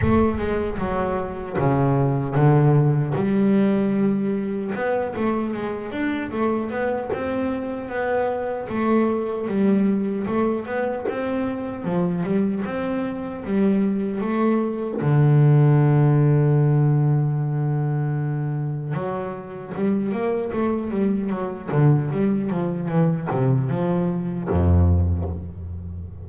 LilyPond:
\new Staff \with { instrumentName = "double bass" } { \time 4/4 \tempo 4 = 76 a8 gis8 fis4 cis4 d4 | g2 b8 a8 gis8 d'8 | a8 b8 c'4 b4 a4 | g4 a8 b8 c'4 f8 g8 |
c'4 g4 a4 d4~ | d1 | fis4 g8 ais8 a8 g8 fis8 d8 | g8 f8 e8 c8 f4 f,4 | }